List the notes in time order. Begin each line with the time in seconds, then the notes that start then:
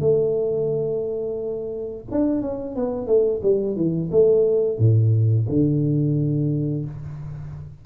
0.00 A3
2.11 D4
2.41 C#4
2.75 B3
3.07 A3
3.42 G3
3.76 E3
4.11 A3
4.78 A2
5.49 D3